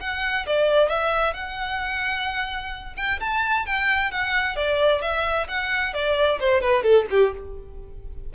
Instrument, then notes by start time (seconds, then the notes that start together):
violin
0.00 F#5
0.46 D5
0.89 E5
1.33 F#5
2.96 G5
3.20 A5
3.66 G5
4.11 F#5
4.56 D5
5.01 E5
5.48 F#5
5.93 D5
6.40 C5
6.61 B4
6.83 A4
7.10 G4